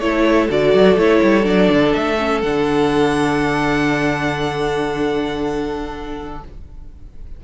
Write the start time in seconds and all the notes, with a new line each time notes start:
0.00 A3 E4 A4 C#5
0.49 D3 F#4 D5
0.74 F#3
0.96 A3 E4 C#5
1.23 G3
1.43 F#3 D4 D5
1.70 D3
1.94 A3 E5
2.19 C#4
2.42 D3 D4 F#5